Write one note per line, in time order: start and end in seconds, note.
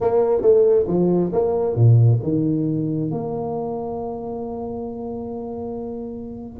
0.00 0.41 A#3
0.41 0.85 A3
0.87 1.31 F3
1.32 1.75 A#3
1.75 2.19 A#2
2.23 3.11 D#3
3.11 6.59 A#3